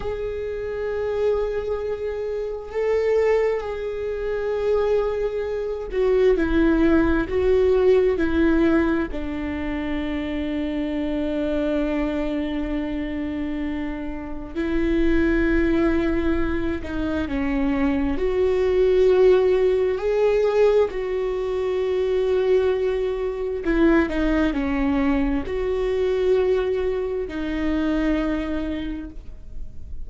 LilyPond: \new Staff \with { instrumentName = "viola" } { \time 4/4 \tempo 4 = 66 gis'2. a'4 | gis'2~ gis'8 fis'8 e'4 | fis'4 e'4 d'2~ | d'1 |
e'2~ e'8 dis'8 cis'4 | fis'2 gis'4 fis'4~ | fis'2 e'8 dis'8 cis'4 | fis'2 dis'2 | }